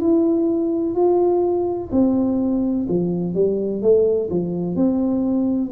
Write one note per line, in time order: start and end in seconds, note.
0.00 0.95 E4
0.95 1.90 F4
1.91 2.87 C4
2.89 3.34 F3
3.34 3.82 G3
3.82 4.29 A3
4.30 4.76 F3
4.76 5.71 C4